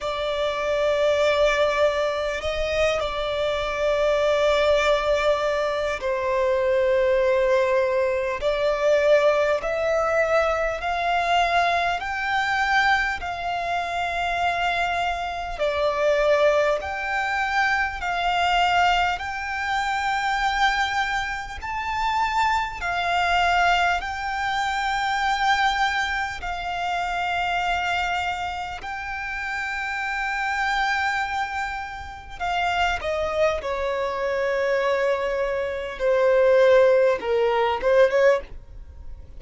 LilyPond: \new Staff \with { instrumentName = "violin" } { \time 4/4 \tempo 4 = 50 d''2 dis''8 d''4.~ | d''4 c''2 d''4 | e''4 f''4 g''4 f''4~ | f''4 d''4 g''4 f''4 |
g''2 a''4 f''4 | g''2 f''2 | g''2. f''8 dis''8 | cis''2 c''4 ais'8 c''16 cis''16 | }